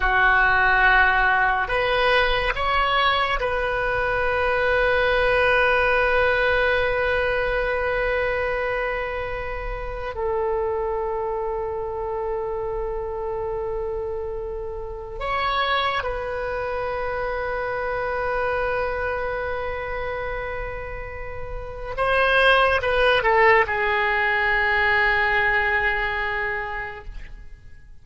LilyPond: \new Staff \with { instrumentName = "oboe" } { \time 4/4 \tempo 4 = 71 fis'2 b'4 cis''4 | b'1~ | b'1 | a'1~ |
a'2 cis''4 b'4~ | b'1~ | b'2 c''4 b'8 a'8 | gis'1 | }